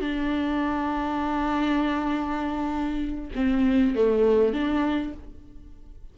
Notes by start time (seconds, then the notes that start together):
0.00 D4
3.35 C4
3.95 A3
4.53 D4